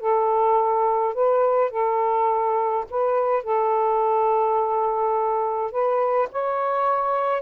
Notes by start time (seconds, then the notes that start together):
0.00 A4
1.15 B4
1.71 A4
2.90 B4
3.44 A4
5.72 B4
6.32 C#5